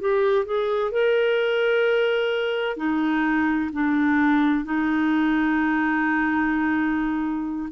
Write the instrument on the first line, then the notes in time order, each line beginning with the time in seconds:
clarinet
0.00 G4
0.45 G#4
0.91 A#4
2.77 D#4
3.72 D4
4.64 D#4